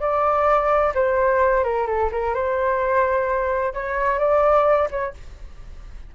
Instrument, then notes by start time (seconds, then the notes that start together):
flute
0.00 D5
0.94 C5
1.64 A#4
1.87 A4
2.12 A#4
2.34 C5
3.74 C#5
4.19 D5
4.91 C#5